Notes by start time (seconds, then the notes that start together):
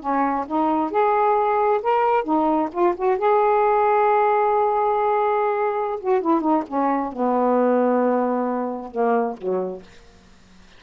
0.00 C#4
0.47 D#4
0.91 G#4
1.82 A#4
2.24 D#4
2.72 F4
2.96 F#4
3.18 G#4
6.00 F#4
6.21 E4
6.41 D#4
6.67 C#4
7.13 B3
8.91 A#3
9.37 F#3